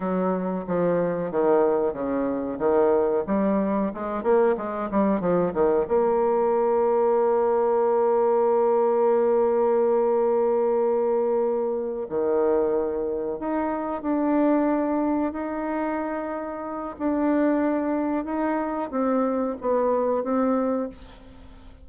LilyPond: \new Staff \with { instrumentName = "bassoon" } { \time 4/4 \tempo 4 = 92 fis4 f4 dis4 cis4 | dis4 g4 gis8 ais8 gis8 g8 | f8 dis8 ais2.~ | ais1~ |
ais2~ ais8 dis4.~ | dis8 dis'4 d'2 dis'8~ | dis'2 d'2 | dis'4 c'4 b4 c'4 | }